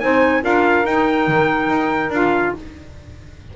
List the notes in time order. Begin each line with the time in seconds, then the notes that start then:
0.00 C4 D#4 C5 G#5
0.42 D4 F4 A#4 F5
0.84 D#4 G5
1.27 D#3
1.69 D#4
2.09 D4 F4 F5